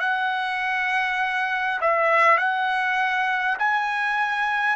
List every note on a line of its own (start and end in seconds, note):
0.00 1.80 F#5
1.81 2.38 E5
2.38 3.58 F#5
3.59 4.76 G#5